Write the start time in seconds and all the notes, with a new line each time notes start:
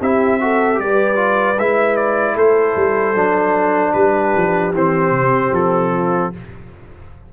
0.00 C4 E4 G4 E5
0.40 F#4 A4
0.75 G3 G4 D5
0.83 B4
1.15 F4
1.58 G#3 E4 E5
1.96 D5
2.35 A3 A4 C5
2.75 G3
3.15 F#3 D4
3.93 G3 G4 B4
4.36 F3
4.73 E3 C4 C5
5.11 C3
5.52 F3 A4
5.93 F4